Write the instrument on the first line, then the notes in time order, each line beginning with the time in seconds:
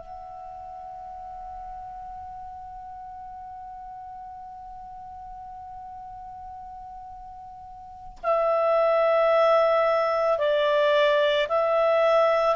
clarinet
0.00 F#5
8.23 E5
10.38 D5
11.48 E5